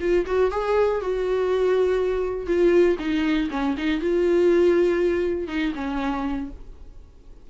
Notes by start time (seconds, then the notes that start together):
0.00 F4
0.26 F#4
0.51 G#4
1.00 F#4
2.46 F4
2.99 D#4
3.50 C#4
3.77 D#4
4.00 F4
5.47 D#4
5.75 C#4